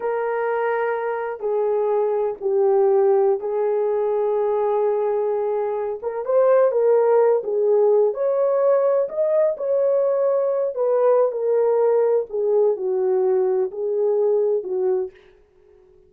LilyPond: \new Staff \with { instrumentName = "horn" } { \time 4/4 \tempo 4 = 127 ais'2. gis'4~ | gis'4 g'2~ g'16 gis'8.~ | gis'1~ | gis'8. ais'8 c''4 ais'4. gis'16~ |
gis'4~ gis'16 cis''2 dis''8.~ | dis''16 cis''2~ cis''8 b'4~ b'16 | ais'2 gis'4 fis'4~ | fis'4 gis'2 fis'4 | }